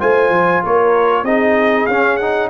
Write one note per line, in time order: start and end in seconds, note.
0.00 0.29 A3
0.00 1.25 F4
0.00 0.62 C5
0.00 0.63 G#5
0.29 0.61 F3
0.64 1.23 A#3
0.64 1.25 A#4
0.64 1.25 C#5
1.23 1.86 C4
1.23 1.89 D#4
1.23 2.50 G#4
1.23 1.86 D#5
1.86 2.50 C#4
1.86 2.20 C#4
1.86 2.17 F5
2.17 2.50 D#4
2.17 2.48 F#5